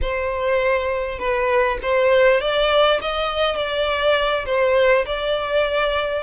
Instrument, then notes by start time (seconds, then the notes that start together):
violin
0.01 C5
1.18 B4
1.82 C5
2.40 D5
3.01 D#5
3.56 D5
4.45 C5
5.05 D5